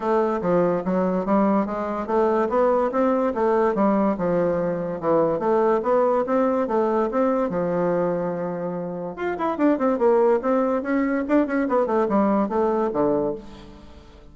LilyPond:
\new Staff \with { instrumentName = "bassoon" } { \time 4/4 \tempo 4 = 144 a4 f4 fis4 g4 | gis4 a4 b4 c'4 | a4 g4 f2 | e4 a4 b4 c'4 |
a4 c'4 f2~ | f2 f'8 e'8 d'8 c'8 | ais4 c'4 cis'4 d'8 cis'8 | b8 a8 g4 a4 d4 | }